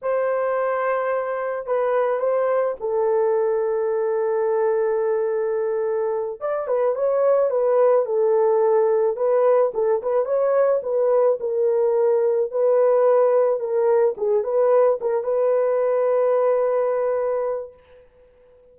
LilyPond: \new Staff \with { instrumentName = "horn" } { \time 4/4 \tempo 4 = 108 c''2. b'4 | c''4 a'2.~ | a'2.~ a'8 d''8 | b'8 cis''4 b'4 a'4.~ |
a'8 b'4 a'8 b'8 cis''4 b'8~ | b'8 ais'2 b'4.~ | b'8 ais'4 gis'8 b'4 ais'8 b'8~ | b'1 | }